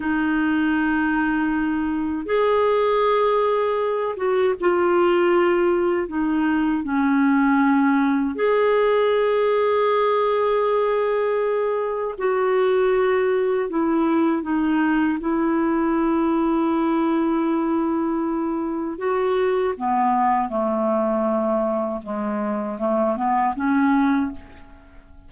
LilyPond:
\new Staff \with { instrumentName = "clarinet" } { \time 4/4 \tempo 4 = 79 dis'2. gis'4~ | gis'4. fis'8 f'2 | dis'4 cis'2 gis'4~ | gis'1 |
fis'2 e'4 dis'4 | e'1~ | e'4 fis'4 b4 a4~ | a4 gis4 a8 b8 cis'4 | }